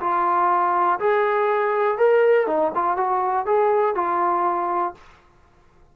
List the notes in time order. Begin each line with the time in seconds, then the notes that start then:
0.00 F4
0.99 G#4
1.98 A#4
2.47 D#4
2.74 F4
2.97 F#4
3.46 G#4
3.95 F4